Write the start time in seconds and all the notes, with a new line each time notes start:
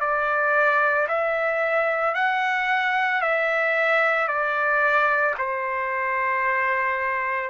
0.00 D5
1.08 E5
2.14 F#5
3.21 E5
4.28 D5
5.38 C5